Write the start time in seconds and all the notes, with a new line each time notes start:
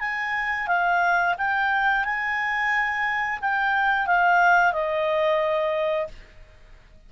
0.00 G#5
0.67 F5
1.38 G5
2.04 G#5
3.41 G5
4.06 F5
4.72 D#5